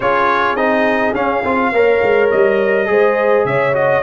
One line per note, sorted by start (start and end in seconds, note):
0.00 0.55 C#4
0.00 0.57 F4
0.00 1.73 G#4
0.00 0.56 C#5
0.55 1.13 C4
0.55 1.15 D#4
0.55 1.13 D#5
1.13 1.42 C#4
1.13 1.43 C#4
1.13 2.30 F5
1.44 1.72 C4
1.44 1.73 F4
1.72 2.00 A#3
1.72 2.85 A#4
1.72 2.89 C#5
2.02 2.31 G#3
2.31 2.89 G3
2.31 3.45 D#5
2.85 3.45 G#3
2.85 3.72 G#4
2.85 3.46 C5
3.45 4.02 C#3
3.45 4.03 C#5
3.45 3.74 E5
3.72 4.01 F#4
3.72 4.03 D#5